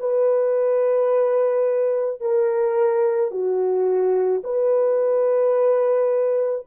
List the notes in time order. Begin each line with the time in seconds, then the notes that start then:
0.00 B4
2.21 A#4
3.31 F#4
4.43 B4